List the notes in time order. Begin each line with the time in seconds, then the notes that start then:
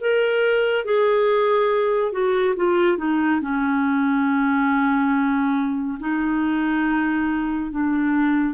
0.00 A#4
0.85 G#4
2.12 F#4
2.56 F4
2.98 D#4
3.41 C#4
6.00 D#4
7.71 D4